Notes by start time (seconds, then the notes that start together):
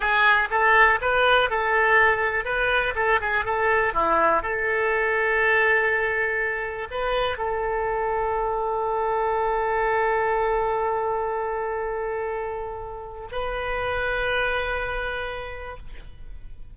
0.00 G#4
0.50 A4
1.01 B4
1.50 A4
2.45 B4
2.95 A4
3.21 G#4
3.44 A4
3.93 E4
4.42 A4
6.91 B4
7.37 A4
13.31 B4